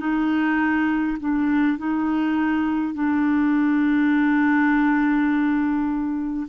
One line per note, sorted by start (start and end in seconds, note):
0.00 1.18 D#4
1.20 1.78 D4
1.78 2.95 D#4
2.95 6.48 D4